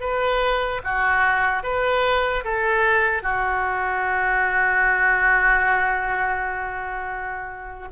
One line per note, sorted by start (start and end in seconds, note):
0.00 0.81 B4
0.83 1.63 F#4
1.63 2.44 B4
2.44 3.22 A4
3.22 7.88 F#4